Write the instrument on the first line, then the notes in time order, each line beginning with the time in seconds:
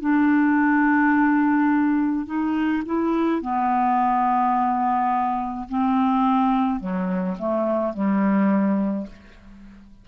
clarinet
0.00 D4
2.26 D#4
2.85 E4
3.41 B3
5.69 C4
6.80 F#3
7.38 A3
7.93 G3